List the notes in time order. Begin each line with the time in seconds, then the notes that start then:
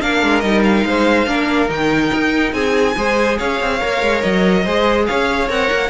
0.00 A#3 D4 A#4 F5
0.22 G#3
0.40 G3 D#4 D#5
0.64 F5
0.84 G#3 C5
1.26 A#3 D4 A#4
1.68 D#3 D#4 G5
2.14 D#4
2.53 C4 G#4 G#5
2.97 G#3 G#4 C5
3.38 C#4 C#5 F5
3.60 C4
3.81 A#3 A#4
4.02 G#3
4.21 F#3 D#5
4.63 G#3 G#4 C5
5.06 C#4 C#5 F5
5.48 C4 A#4 F#5
5.71 A#3